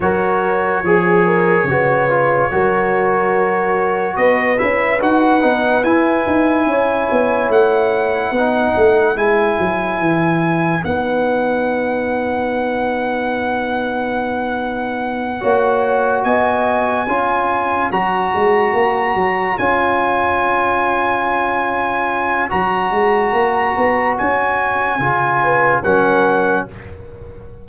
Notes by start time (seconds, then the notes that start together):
0.00 F#3 F#4 A#4 C#5
0.83 F3 G#4
1.25 A#4
1.64 C#3 F#4
1.70 B4
2.09 F4
2.51 F#3 F#4 A#4
4.16 B3 B4 D#5
4.57 C#4 E4 E5
5.00 D#4 F#4 F#5
5.40 B3 D#4
5.83 E4 G#5
6.26 D#4
6.65 C#4 C#5
7.11 B3
7.49 A3 F#5
8.31 B3 D#4 B4
8.76 A3
9.15 G#3 E4 G#5
9.59 F#3
9.99 E3
10.82 B3 D#4 F#5
15.40 A#3 F#4 C#5
16.23 B3 D#5 G#5
17.07 C#4 F4 C#5
17.91 F#3 F#4 A#5
18.35 G#3
18.73 A#3
19.14 F#3
19.58 C#4 F4 G#5
22.49 F#3 F#4 A#5
22.91 G#3
23.32 A#3
23.77 B3
24.17 C#4 G#5
24.99 C#3 F4
25.43 B4
25.82 F#3 C#4 A#4 F#5